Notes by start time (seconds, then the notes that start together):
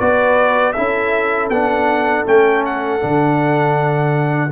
0.00 B3 F#4 B4 D5
0.73 C#4 E4 A4 E5
1.50 B3 D4 F#5
2.26 A3 C#4 G5
2.66 F#5
3.00 D3 D4